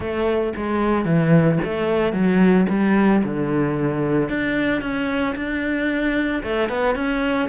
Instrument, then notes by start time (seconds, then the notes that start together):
cello
0.00 A3
0.56 G#3
1.05 E3
1.64 A3
2.13 F#3
2.69 G3
3.24 D3
4.29 D4
4.81 C#4
5.35 D4
6.43 A3
6.69 B3
6.95 C#4